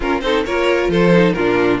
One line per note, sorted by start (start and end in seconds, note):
0.00 0.22 C#4
0.00 0.22 F4
0.00 0.21 A#4
0.21 0.44 C4
0.21 0.45 D#4
0.21 0.46 A4
0.21 0.43 C5
0.45 0.88 A#3
0.45 1.13 F4
0.45 0.90 A#4
0.45 0.90 C#5
0.88 1.33 F3
0.88 1.35 A4
0.88 1.33 C5
1.13 1.35 D#4
1.33 1.80 A#2
1.33 1.80 D4
1.33 1.80 F4
1.33 1.78 A#4